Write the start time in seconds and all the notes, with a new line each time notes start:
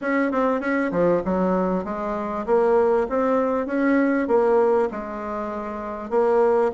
0.01 C#4
0.31 C4
0.60 C#4
0.91 F3
1.24 F#3
1.84 G#3
2.45 A#3
3.09 C4
3.66 C#4
4.27 A#3
4.91 G#3
6.09 A#3